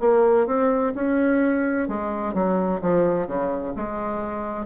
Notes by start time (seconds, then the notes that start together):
0.00 A#3
0.47 C4
0.95 C#4
1.88 G#3
2.34 F#3
2.82 F3
3.27 C#3
3.76 G#3